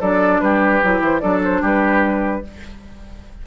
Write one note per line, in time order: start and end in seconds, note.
0.00 0.41 F#3
0.00 0.83 D4
0.00 0.41 A4
0.00 0.41 D5
0.41 0.82 G3
0.41 1.22 G4
0.41 1.01 B4
0.83 1.01 F#3
0.83 1.21 E4
1.01 1.21 E3
1.01 1.20 C5
1.20 1.62 F#3
1.20 2.42 D4
1.20 1.62 A4
1.20 1.40 D5
1.44 1.64 C5
1.62 2.43 G3
1.62 2.43 G4
1.62 2.47 B4